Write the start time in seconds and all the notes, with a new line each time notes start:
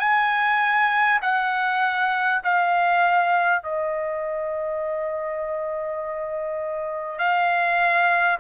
0.00 G#5
1.22 F#5
2.44 F5
3.63 D#5
7.19 F5